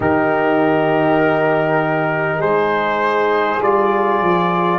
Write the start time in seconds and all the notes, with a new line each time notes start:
0.00 D#3 D#4 G4 A#4
2.38 G#3 G#4 C5
3.60 G3 F4 D5
4.20 F3